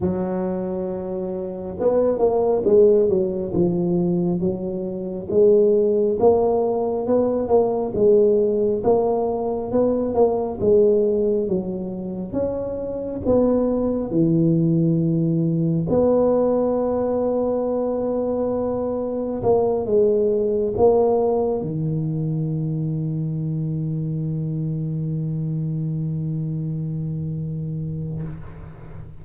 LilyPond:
\new Staff \with { instrumentName = "tuba" } { \time 4/4 \tempo 4 = 68 fis2 b8 ais8 gis8 fis8 | f4 fis4 gis4 ais4 | b8 ais8 gis4 ais4 b8 ais8 | gis4 fis4 cis'4 b4 |
e2 b2~ | b2 ais8 gis4 ais8~ | ais8 dis2.~ dis8~ | dis1 | }